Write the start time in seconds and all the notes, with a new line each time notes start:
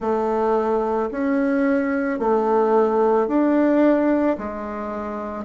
0.00 A3
1.11 C#4
2.19 A3
3.27 D4
4.37 G#3